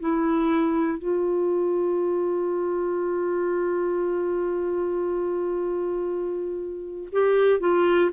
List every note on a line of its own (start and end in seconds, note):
0.00 0.99 E4
0.99 7.09 F4
7.13 7.60 G4
7.60 8.11 F4